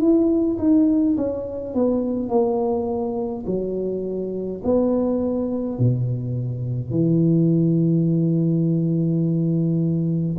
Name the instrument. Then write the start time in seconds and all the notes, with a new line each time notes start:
tuba
0.00 E4
0.58 D#4
1.16 C#4
1.74 B3
2.29 A#3
3.46 F#3
4.64 B3
5.78 B2
6.90 E3